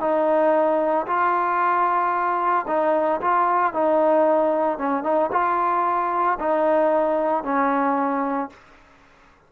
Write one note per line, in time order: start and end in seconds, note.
0.00 1.06 D#4
1.07 2.66 F4
2.67 3.21 D#4
3.21 3.73 F4
3.73 4.78 D#4
4.78 5.03 C#4
5.03 5.30 D#4
5.32 6.38 F4
6.39 7.44 D#4
7.44 8.50 C#4